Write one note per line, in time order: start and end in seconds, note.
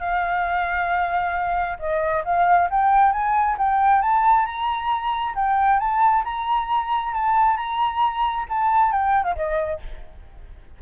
0.00 1.78 F5
1.79 2.24 D#5
2.25 2.69 F5
2.71 3.13 G5
3.13 3.57 G#5
3.58 4.02 G5
4.02 4.46 A5
4.46 5.35 A#5
5.36 5.80 G5
5.80 6.24 A5
6.25 7.14 A#5
7.14 7.57 A5
7.57 8.46 A#5
8.49 8.92 A5
8.92 9.24 G5
9.24 9.35 F5
9.36 9.80 D#5